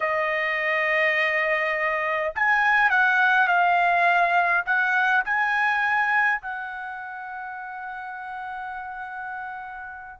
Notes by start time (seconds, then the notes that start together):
0.00 D#5
2.35 G#5
2.90 F#5
3.47 F5
4.65 F#5
5.25 G#5
6.41 F#5